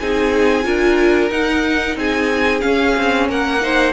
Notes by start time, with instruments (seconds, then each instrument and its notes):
0.00 cello C4, viola D#4, violin G#4 G#5
0.64 cello D4, viola F4, violin A#4
1.31 cello D#4, viola D#4, violin F#5
1.97 cello C4, violin G#4 G#5
2.61 viola C#4, cello C#4, violin F5
2.98 cello C4
3.29 cello A#3, violin A#4 F#5
3.61 viola D#4, violin C5